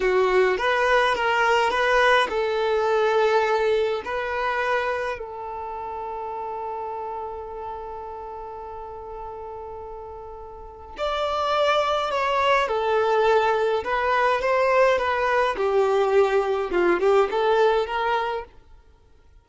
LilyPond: \new Staff \with { instrumentName = "violin" } { \time 4/4 \tempo 4 = 104 fis'4 b'4 ais'4 b'4 | a'2. b'4~ | b'4 a'2.~ | a'1~ |
a'2. d''4~ | d''4 cis''4 a'2 | b'4 c''4 b'4 g'4~ | g'4 f'8 g'8 a'4 ais'4 | }